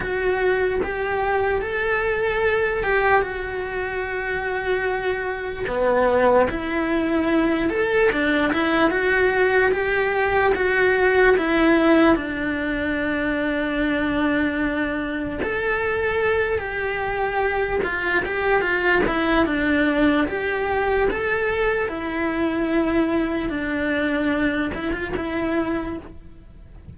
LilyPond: \new Staff \with { instrumentName = "cello" } { \time 4/4 \tempo 4 = 74 fis'4 g'4 a'4. g'8 | fis'2. b4 | e'4. a'8 d'8 e'8 fis'4 | g'4 fis'4 e'4 d'4~ |
d'2. a'4~ | a'8 g'4. f'8 g'8 f'8 e'8 | d'4 g'4 a'4 e'4~ | e'4 d'4. e'16 f'16 e'4 | }